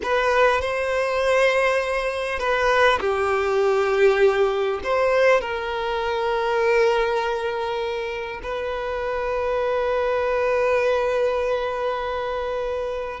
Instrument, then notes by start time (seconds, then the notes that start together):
violin
0.02 B4
0.61 C5
2.39 B4
3.00 G4
4.83 C5
5.40 A#4
8.42 B4